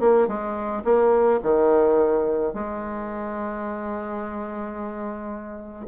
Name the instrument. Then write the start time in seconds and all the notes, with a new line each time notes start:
bassoon
0.00 A#3
0.28 G#3
0.84 A#3
1.43 D#3
2.54 G#3